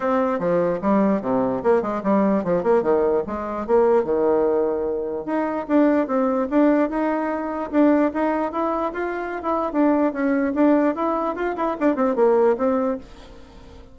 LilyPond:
\new Staff \with { instrumentName = "bassoon" } { \time 4/4 \tempo 4 = 148 c'4 f4 g4 c4 | ais8 gis8 g4 f8 ais8 dis4 | gis4 ais4 dis2~ | dis4 dis'4 d'4 c'4 |
d'4 dis'2 d'4 | dis'4 e'4 f'4~ f'16 e'8. | d'4 cis'4 d'4 e'4 | f'8 e'8 d'8 c'8 ais4 c'4 | }